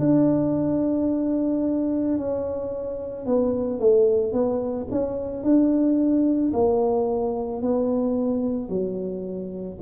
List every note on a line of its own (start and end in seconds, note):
0.00 2.18 D4
2.18 3.26 C#4
3.26 3.80 B3
3.80 4.33 A3
4.33 4.87 B3
4.91 5.43 C#4
5.43 6.53 D4
6.53 7.62 A#3
7.62 8.69 B3
8.69 9.78 F#3